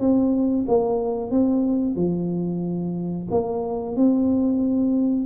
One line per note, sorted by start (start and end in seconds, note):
0.00 0.66 C4
0.68 1.31 A#3
1.31 1.96 C4
1.96 3.28 F3
3.31 3.96 A#3
3.96 5.26 C4